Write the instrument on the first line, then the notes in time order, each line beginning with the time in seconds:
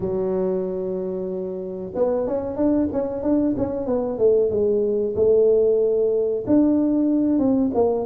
tuba
0.00 F#3
1.94 B3
2.27 C#4
2.56 D4
2.92 C#4
3.23 D4
3.57 C#4
3.86 B3
4.18 A3
4.50 G#3
5.15 A3
6.46 D4
7.38 C4
7.74 A#3